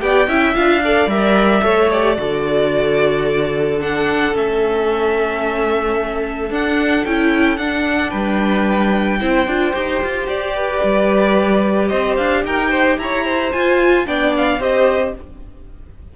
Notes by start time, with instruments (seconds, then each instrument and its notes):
0.00 cello B3, viola G4, violin D5 G5
0.26 cello C#4, viola E4, violin E5
0.54 cello D4, viola F4, violin F5
0.83 viola A4, violin D5
1.06 cello G3, viola A#4, violin E5
1.61 cello A3, viola A4, violin C#5
1.90 viola G4, violin D5
2.16 cello D3, viola F#4, violin A4
3.80 viola D4, violin F#5
4.33 cello A3, viola C#4, violin E5
6.50 cello D4, viola D4, violin F#5
7.05 cello C#4, viola E4, violin G5
7.57 cello D4, viola D4, violin F#5
8.10 cello G3, violin B4 G5
9.19 cello C4, viola E4, violin C5
9.46 cello D4, viola F4
9.73 cello D#4, viola G4
10.02 cello F4
10.27 cello G4, violin D5
10.55 violin B4
10.83 cello G3
11.88 cello C4, violin C5 D#5
12.16 cello D4, violin F5
12.44 cello D#4, violin A#4 G5
12.70 violin C5
12.97 cello E4, violin C#5 A#5
13.24 violin C5
13.52 viola F4, cello F4, violin G#5
14.06 cello B3, viola D4, violin D5 G5
14.37 violin F5
14.58 cello C4, viola G4, violin C5 D#5